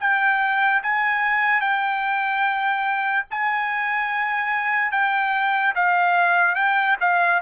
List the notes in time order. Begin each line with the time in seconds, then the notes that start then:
0.00 G5
0.83 G#5
1.61 G5
3.31 G#5
4.92 G5
5.75 F5
6.55 G5
7.00 F5